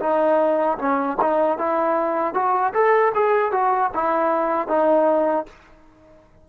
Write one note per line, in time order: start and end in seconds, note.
0.00 0.78 D#4
0.79 1.18 C#4
1.22 1.59 D#4
1.59 2.34 E4
2.34 2.73 F#4
2.74 3.13 A4
3.15 3.52 G#4
3.52 3.91 F#4
3.95 4.68 E4
4.68 5.46 D#4